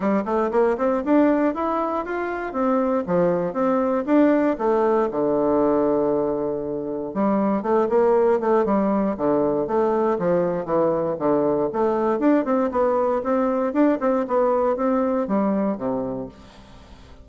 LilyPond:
\new Staff \with { instrumentName = "bassoon" } { \time 4/4 \tempo 4 = 118 g8 a8 ais8 c'8 d'4 e'4 | f'4 c'4 f4 c'4 | d'4 a4 d2~ | d2 g4 a8 ais8~ |
ais8 a8 g4 d4 a4 | f4 e4 d4 a4 | d'8 c'8 b4 c'4 d'8 c'8 | b4 c'4 g4 c4 | }